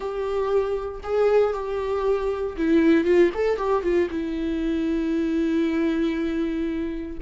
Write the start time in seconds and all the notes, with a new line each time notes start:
0.00 G4
1.03 G#4
1.53 G4
2.57 E4
3.04 F4
3.34 A4
3.57 G4
3.83 F4
4.10 E4